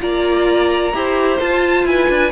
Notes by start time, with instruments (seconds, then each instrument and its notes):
0.00 cello A#3, viola F4, violin D5 A#5
0.93 cello E4, viola G4, violin C5
1.38 viola F4, cello F4, violin A5
1.85 cello E4, violin B4 G#5
2.09 cello D4